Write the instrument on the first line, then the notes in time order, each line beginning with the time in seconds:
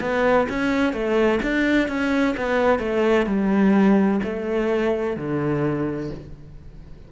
cello
0.00 B3
0.49 C#4
0.92 A3
1.42 D4
1.88 C#4
2.37 B3
2.79 A3
3.26 G3
4.23 A3
5.16 D3